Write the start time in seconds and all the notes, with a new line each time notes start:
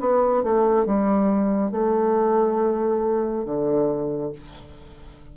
0.00 B3
0.43 A3
0.85 G3
1.71 A3
3.45 D3